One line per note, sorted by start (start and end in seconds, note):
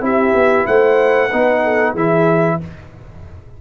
0.00 0.33 C4
0.00 1.29 E4
0.00 0.67 G4
0.00 0.66 E5
0.33 0.66 B3
0.66 1.31 A3
0.66 1.29 C5
0.66 1.95 F#5
1.29 1.94 B3
1.29 1.96 D#4
1.29 1.61 B4
1.63 1.92 A4
1.92 2.58 E3
1.92 2.60 E4
1.92 2.56 G#4
1.92 2.61 E5